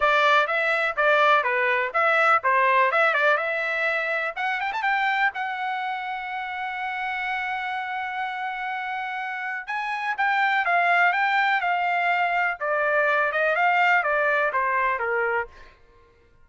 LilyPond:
\new Staff \with { instrumentName = "trumpet" } { \time 4/4 \tempo 4 = 124 d''4 e''4 d''4 b'4 | e''4 c''4 e''8 d''8 e''4~ | e''4 fis''8 g''16 a''16 g''4 fis''4~ | fis''1~ |
fis''1 | gis''4 g''4 f''4 g''4 | f''2 d''4. dis''8 | f''4 d''4 c''4 ais'4 | }